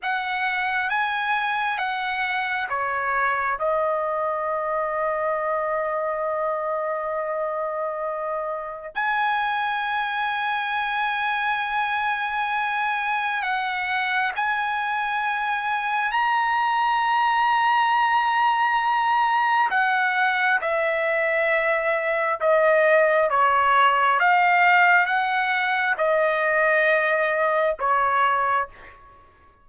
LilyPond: \new Staff \with { instrumentName = "trumpet" } { \time 4/4 \tempo 4 = 67 fis''4 gis''4 fis''4 cis''4 | dis''1~ | dis''2 gis''2~ | gis''2. fis''4 |
gis''2 ais''2~ | ais''2 fis''4 e''4~ | e''4 dis''4 cis''4 f''4 | fis''4 dis''2 cis''4 | }